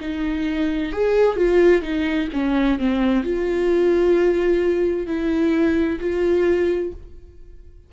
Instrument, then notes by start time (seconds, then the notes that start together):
viola
0.00 D#4
0.92 G#4
1.36 F4
1.82 D#4
2.32 C#4
2.79 C4
3.23 F4
5.06 E4
6.00 F4